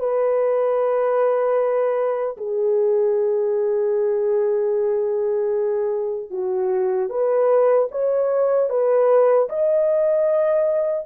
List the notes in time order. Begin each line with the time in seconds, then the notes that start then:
0.00 B4
2.38 G#4
6.31 F#4
7.10 B4
7.92 C#5
8.70 B4
9.50 D#5